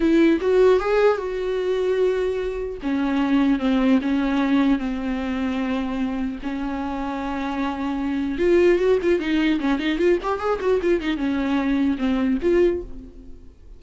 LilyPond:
\new Staff \with { instrumentName = "viola" } { \time 4/4 \tempo 4 = 150 e'4 fis'4 gis'4 fis'4~ | fis'2. cis'4~ | cis'4 c'4 cis'2 | c'1 |
cis'1~ | cis'4 f'4 fis'8 f'8 dis'4 | cis'8 dis'8 f'8 g'8 gis'8 fis'8 f'8 dis'8 | cis'2 c'4 f'4 | }